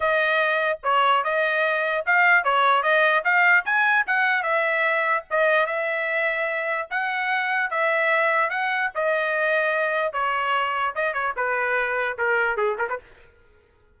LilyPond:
\new Staff \with { instrumentName = "trumpet" } { \time 4/4 \tempo 4 = 148 dis''2 cis''4 dis''4~ | dis''4 f''4 cis''4 dis''4 | f''4 gis''4 fis''4 e''4~ | e''4 dis''4 e''2~ |
e''4 fis''2 e''4~ | e''4 fis''4 dis''2~ | dis''4 cis''2 dis''8 cis''8 | b'2 ais'4 gis'8 ais'16 b'16 | }